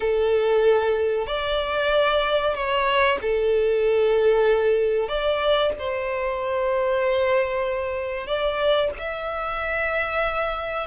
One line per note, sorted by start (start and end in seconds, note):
0.00 1.26 A4
1.26 2.54 D5
2.54 3.18 C#5
3.21 5.08 A4
5.08 5.72 D5
5.79 8.26 C5
8.26 8.90 D5
8.99 10.87 E5